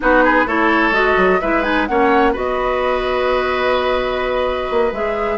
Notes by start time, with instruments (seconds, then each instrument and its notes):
0.00 bassoon B3, clarinet D#4, oboe F#4, flute B4
0.23 oboe G#4
0.46 bassoon A3, clarinet E4, oboe A4, flute C#5
0.90 bassoon G#3, clarinet F#4, flute D#5
1.17 bassoon F#3
1.40 bassoon G#3, clarinet E4, oboe B4, flute E5
1.62 clarinet D#4, flute G#5
1.86 bassoon A#3, clarinet C#4, oboe C#5, flute F#5
2.32 bassoon B3, clarinet F#4, oboe B4, flute D#5
4.70 bassoon A#3
4.92 bassoon G#3, clarinet G#4, flute E5